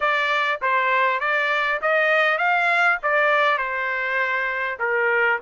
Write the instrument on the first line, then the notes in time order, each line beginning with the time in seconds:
trumpet
0.00 D5
0.61 C5
1.20 D5
1.81 D#5
2.38 F5
3.02 D5
3.58 C5
4.79 A#4